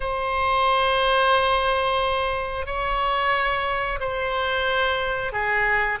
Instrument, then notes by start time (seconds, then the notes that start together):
oboe
0.00 C5
2.65 C#5
3.99 C5
5.32 G#4